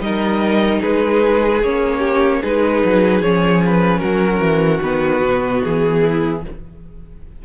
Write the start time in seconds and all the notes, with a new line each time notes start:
0.00 G3 D#4 A#4 D#5
0.81 G#3 G#4 B4
1.63 A#3 C#4 C#5
1.99 G4
2.42 G#3 D#4 G#4 B4
2.85 F#3
3.22 F3 C#4 C#5
3.66 B4
4.00 F#3 F#4 A#4
4.40 E3
4.82 D#3 B3 B4
5.21 B2
5.64 E3 G#4
6.02 E4